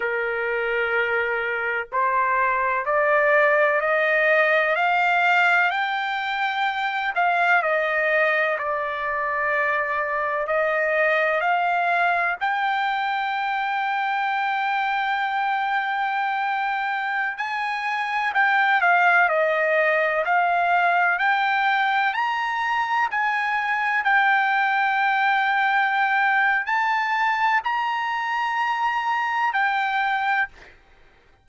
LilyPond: \new Staff \with { instrumentName = "trumpet" } { \time 4/4 \tempo 4 = 63 ais'2 c''4 d''4 | dis''4 f''4 g''4. f''8 | dis''4 d''2 dis''4 | f''4 g''2.~ |
g''2~ g''16 gis''4 g''8 f''16~ | f''16 dis''4 f''4 g''4 ais''8.~ | ais''16 gis''4 g''2~ g''8. | a''4 ais''2 g''4 | }